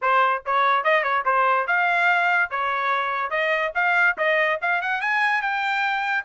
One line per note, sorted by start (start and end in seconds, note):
0.01 0.43 C5
0.45 0.84 C#5
0.84 1.03 D#5
1.03 1.24 C#5
1.25 1.67 C5
1.67 2.50 F5
2.50 3.30 C#5
3.30 3.72 D#5
3.74 4.16 F5
4.17 4.59 D#5
4.61 4.81 F5
4.81 5.01 F#5
5.01 5.41 G#5
5.41 6.24 G5